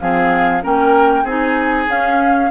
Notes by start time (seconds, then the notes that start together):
0.00 F3 C4 G#4 F5
0.62 A#3 C#4 A#4 G5
1.24 C4 D#4 G#4 G#5
1.88 C#4 F5